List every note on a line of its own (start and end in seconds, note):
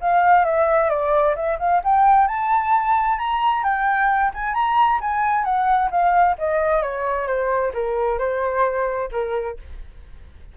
0.00 0.44 F5
0.44 0.89 E5
0.89 1.35 D5
1.35 1.58 E5
1.59 1.82 F5
1.83 2.27 G5
2.27 3.18 A5
3.18 3.63 A#5
3.63 4.31 G5
4.33 4.54 G#5
4.54 4.99 A#5
5.00 5.44 G#5
5.44 5.89 F#5
5.90 6.36 F5
6.38 6.82 D#5
6.82 7.27 C#5
7.27 7.72 C5
7.73 8.18 A#4
8.18 9.09 C5
9.11 9.57 A#4